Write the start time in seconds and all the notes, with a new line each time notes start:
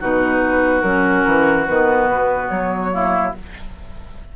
0.00 B2 D#4 F#4 B4
0.81 F#3 C#4 A#4
1.26 E3
1.66 D#3 B3 B4
2.09 B2
2.49 F#3 C#5
2.91 A#3 E4